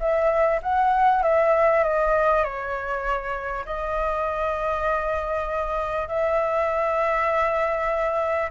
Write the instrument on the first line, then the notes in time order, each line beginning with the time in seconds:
flute
0.00 E5
0.63 F#5
1.23 E5
1.84 D#5
2.44 C#5
3.66 D#5
6.08 E5